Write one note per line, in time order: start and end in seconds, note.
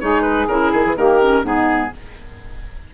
0.00 0.48 G#3
0.00 0.48 D#4
0.00 0.95 G#4
0.00 0.22 C#5
0.22 0.46 B4
0.48 0.71 C#3
0.48 0.96 E4
0.48 0.71 A#4
0.71 0.85 D#3
0.71 0.96 G#4
0.86 0.96 E3
0.95 1.43 D#3
0.95 1.20 A#3
0.95 1.43 G4
0.95 1.46 A#4
1.22 1.43 C#4
1.43 1.91 G#2
1.43 1.91 B3
1.43 1.91 D#4
1.43 1.94 G#4